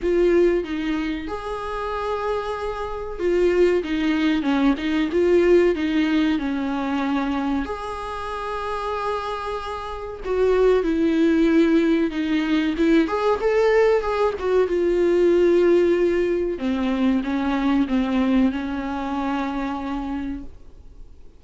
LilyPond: \new Staff \with { instrumentName = "viola" } { \time 4/4 \tempo 4 = 94 f'4 dis'4 gis'2~ | gis'4 f'4 dis'4 cis'8 dis'8 | f'4 dis'4 cis'2 | gis'1 |
fis'4 e'2 dis'4 | e'8 gis'8 a'4 gis'8 fis'8 f'4~ | f'2 c'4 cis'4 | c'4 cis'2. | }